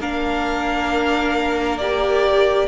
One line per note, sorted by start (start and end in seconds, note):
0.00 2.68 A#3
0.00 1.80 D4
0.00 2.68 A#4
0.00 1.78 F5
1.78 2.68 G4
1.78 2.68 D5